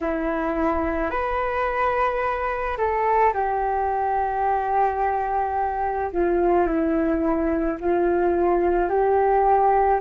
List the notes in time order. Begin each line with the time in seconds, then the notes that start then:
0.00 E4
1.10 B4
2.77 A4
3.33 G4
6.12 F4
6.66 E4
7.80 F4
8.89 G4